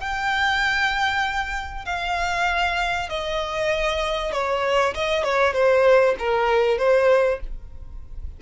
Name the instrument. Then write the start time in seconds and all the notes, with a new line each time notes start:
violin
0.00 G5
1.85 F5
3.09 D#5
4.32 C#5
4.94 D#5
5.24 C#5
5.53 C5
6.19 A#4
6.78 C5